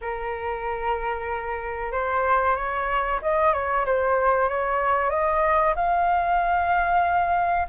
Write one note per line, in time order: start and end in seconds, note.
0.01 1.92 A#4
1.92 2.56 C5
2.56 3.19 C#5
3.22 3.53 D#5
3.53 3.85 C#5
3.85 4.49 C5
4.49 5.09 C#5
5.09 5.73 D#5
5.75 7.67 F5